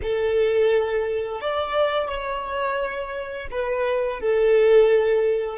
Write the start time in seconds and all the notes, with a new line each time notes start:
0.02 A4
1.40 D5
2.08 C#5
3.51 B4
4.20 A4